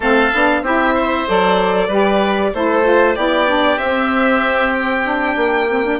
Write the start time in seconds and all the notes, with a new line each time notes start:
0.00 A3 C4 A4 F5
0.33 B3 D4
0.61 C4 E4 G4 E5
0.94 C5
1.27 F#3 A4 D5
1.88 G3 G4 B4
2.53 A3 E4 A4 C5
2.83 F4
3.15 B3 E4 G4 D5
3.47 D4
3.77 C4 E5
4.73 G5
5.03 D4
5.36 A#3
5.69 C4
5.84 D4